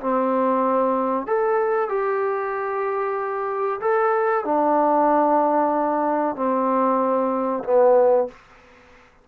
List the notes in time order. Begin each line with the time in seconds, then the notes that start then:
0.00 C4
1.26 A4
1.89 G4
3.81 A4
4.44 D4
6.36 C4
7.64 B3